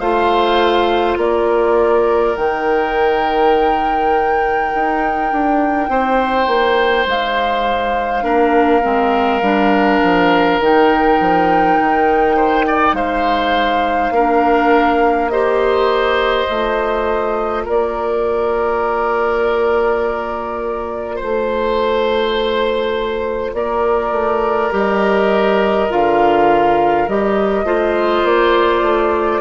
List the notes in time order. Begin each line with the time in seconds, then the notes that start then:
0.00 A3 F4 C5 F5
1.17 A#3 A#4 D5
2.36 D#3 D#4 G5
4.75 D#4
5.32 D4
5.89 C4 C5
6.47 A#3
7.07 G#3 F5
8.22 A#3 D4 A#4
8.82 G#3 C4
9.42 G3 D4
10.03 F3
10.60 D#3 D#4 G5
11.20 F3
11.80 D#3
12.36 C5
12.67 D5
12.93 G#3 C5 F5
14.11 A#3 D4 A#4
15.29 G4 C5 D#5
16.48 A3 F4
17.65 A#3 A#4 D5
21.16 A3 C5
23.53 A#3 A#4 D5
24.12 A3
24.71 G3 G4 D#5
25.90 D3 F4 F5
27.08 G3 G4 D#5
27.64 A3 F4 C5
28.24 A#3 D5
28.82 A3